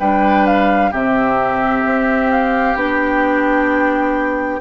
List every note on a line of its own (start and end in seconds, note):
0.00 0.92 G3
0.00 0.92 D4
0.00 0.91 B4
0.00 0.46 G5
0.47 0.93 F5
0.91 1.85 C3
0.91 2.76 C4
0.91 4.60 G4
0.91 2.31 E5
1.85 2.75 C4
2.31 2.77 F5
2.75 4.60 B3
2.75 4.61 D4
2.75 4.61 G5